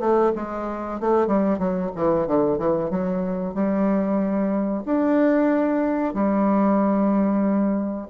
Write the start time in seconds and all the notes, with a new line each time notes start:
0.00 A3
0.36 G#3
1.01 A3
1.28 G3
1.59 F#3
1.96 E3
2.28 D3
2.59 E3
2.91 F#3
3.55 G3
4.86 D4
6.14 G3